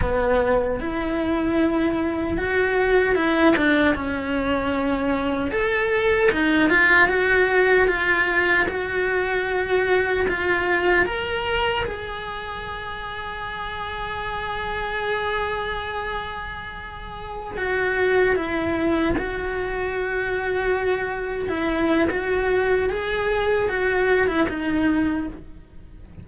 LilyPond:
\new Staff \with { instrumentName = "cello" } { \time 4/4 \tempo 4 = 76 b4 e'2 fis'4 | e'8 d'8 cis'2 a'4 | dis'8 f'8 fis'4 f'4 fis'4~ | fis'4 f'4 ais'4 gis'4~ |
gis'1~ | gis'2~ gis'16 fis'4 e'8.~ | e'16 fis'2. e'8. | fis'4 gis'4 fis'8. e'16 dis'4 | }